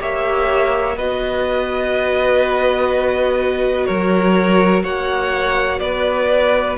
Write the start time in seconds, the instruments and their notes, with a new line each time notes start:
0.00 cello A#3, viola G4, violin C#5 E5
0.97 cello B3, viola F#4, violin B4 D#5
3.87 cello F#3, violin A#4 C#5
4.83 cello A#3, violin C#5 F#5
5.80 cello B3, violin B4 D5